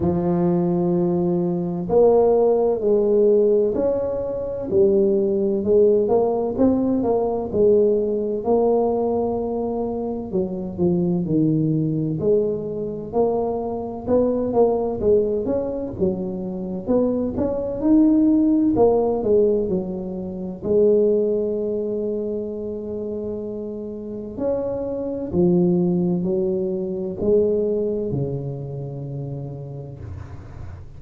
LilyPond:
\new Staff \with { instrumentName = "tuba" } { \time 4/4 \tempo 4 = 64 f2 ais4 gis4 | cis'4 g4 gis8 ais8 c'8 ais8 | gis4 ais2 fis8 f8 | dis4 gis4 ais4 b8 ais8 |
gis8 cis'8 fis4 b8 cis'8 dis'4 | ais8 gis8 fis4 gis2~ | gis2 cis'4 f4 | fis4 gis4 cis2 | }